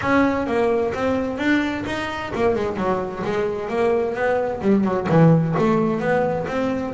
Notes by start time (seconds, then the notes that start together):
0.01 C#4
0.46 A#3
0.94 C4
1.37 D4
1.86 D#4
2.34 A#3
2.55 G#3
2.76 F#3
3.23 G#3
3.68 A#3
4.14 B3
4.61 G3
4.84 F#3
5.09 E3
5.58 A3
5.99 B3
6.47 C4